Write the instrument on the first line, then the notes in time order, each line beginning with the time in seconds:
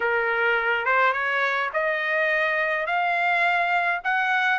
trumpet
0.00 A#4
0.85 C5
1.12 C#5
1.73 D#5
2.86 F5
4.04 F#5